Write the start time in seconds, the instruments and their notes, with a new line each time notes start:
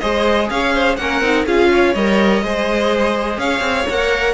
0.00 cello G#3, viola G#4, violin C5 D#5
0.50 cello C#4, violin C#5 F5
0.74 violin C5
0.96 cello A#3, viola C#4, violin A#4 F#5
1.21 cello C4, viola D#4
1.46 cello C#4, viola F4, violin G#4 F5
1.72 violin C#5
1.94 cello G3, viola A#4, violin D#5
2.42 cello G#3, viola G#4, violin C5
3.38 cello C#4, violin C#5 F5
3.60 cello C4
3.89 cello A#3, viola A#4, violin F#5